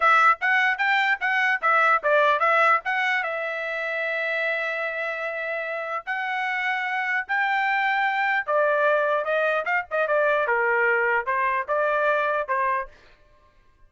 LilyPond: \new Staff \with { instrumentName = "trumpet" } { \time 4/4 \tempo 4 = 149 e''4 fis''4 g''4 fis''4 | e''4 d''4 e''4 fis''4 | e''1~ | e''2. fis''4~ |
fis''2 g''2~ | g''4 d''2 dis''4 | f''8 dis''8 d''4 ais'2 | c''4 d''2 c''4 | }